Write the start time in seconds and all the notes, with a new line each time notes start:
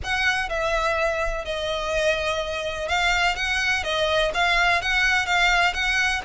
0.03 F#5
0.49 E5
1.44 D#5
2.88 F5
3.35 F#5
3.83 D#5
4.33 F5
4.81 F#5
5.26 F5
5.73 F#5